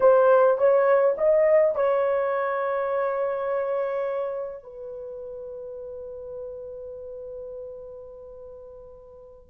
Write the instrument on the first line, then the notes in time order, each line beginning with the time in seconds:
horn
0.00 C5
0.58 C#5
1.17 D#5
1.75 C#5
4.63 B4